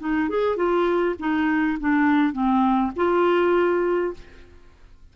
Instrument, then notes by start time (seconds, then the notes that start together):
clarinet
0.00 D#4
0.29 G#4
0.57 F4
1.20 D#4
1.80 D4
2.33 C4
2.96 F4